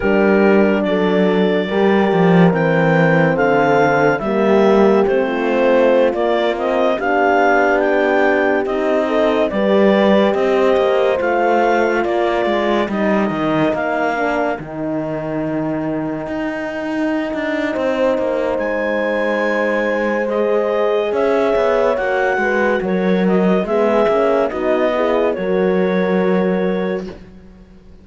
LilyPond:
<<
  \new Staff \with { instrumentName = "clarinet" } { \time 4/4 \tempo 4 = 71 ais'4 d''2 g''4 | f''4 e''4 c''4~ c''16 d''8 dis''16~ | dis''16 f''4 g''4 dis''4 d''8.~ | d''16 dis''4 f''4 d''4 dis''8.~ |
dis''16 f''4 g''2~ g''8.~ | g''2 gis''2 | dis''4 e''4 fis''4 cis''8 dis''8 | e''4 dis''4 cis''2 | }
  \new Staff \with { instrumentName = "horn" } { \time 4/4 g'4 a'4 ais'2 | a'4 g'4~ g'16 f'4.~ f'16~ | f'16 g'2~ g'8 a'8 b'8.~ | b'16 c''2 ais'4.~ ais'16~ |
ais'1~ | ais'4 c''2.~ | c''4 cis''4. b'8 ais'4 | gis'4 fis'8 gis'8 ais'2 | }
  \new Staff \with { instrumentName = "horn" } { \time 4/4 d'2 g'4 c'4~ | c'4 ais4 c'4~ c'16 ais8 c'16~ | c'16 d'2 dis'4 g'8.~ | g'4~ g'16 f'2 dis'8.~ |
dis'8. d'8 dis'2~ dis'8.~ | dis'1 | gis'2 fis'2 | b8 cis'8 dis'8 e'8 fis'2 | }
  \new Staff \with { instrumentName = "cello" } { \time 4/4 g4 fis4 g8 f8 e4 | d4 g4 a4~ a16 ais8.~ | ais16 b2 c'4 g8.~ | g16 c'8 ais8 a4 ais8 gis8 g8 dis16~ |
dis16 ais4 dis2 dis'8.~ | dis'8 d'8 c'8 ais8 gis2~ | gis4 cis'8 b8 ais8 gis8 fis4 | gis8 ais8 b4 fis2 | }
>>